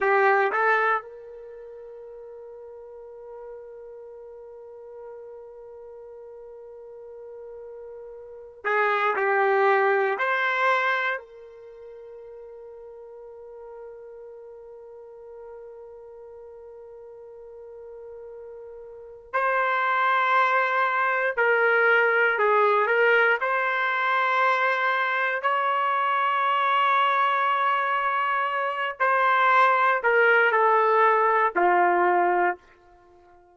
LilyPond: \new Staff \with { instrumentName = "trumpet" } { \time 4/4 \tempo 4 = 59 g'8 a'8 ais'2.~ | ais'1~ | ais'8 gis'8 g'4 c''4 ais'4~ | ais'1~ |
ais'2. c''4~ | c''4 ais'4 gis'8 ais'8 c''4~ | c''4 cis''2.~ | cis''8 c''4 ais'8 a'4 f'4 | }